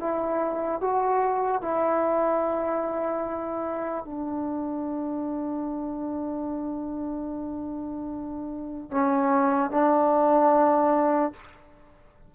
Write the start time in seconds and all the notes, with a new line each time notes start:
0.00 E4
0.81 F#4
1.62 E4
4.05 D4
8.91 C#4
9.70 D4